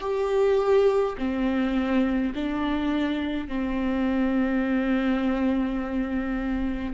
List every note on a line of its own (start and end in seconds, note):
0.00 1.15 G4
1.17 2.33 C4
2.35 3.48 D4
3.48 6.94 C4